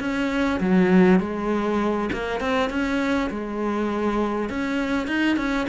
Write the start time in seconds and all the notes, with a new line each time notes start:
0.00 C#4
0.60 F#3
1.20 G#3
2.12 A#3
2.40 C4
2.70 C#4
3.31 G#3
4.49 C#4
5.08 D#4
5.36 C#4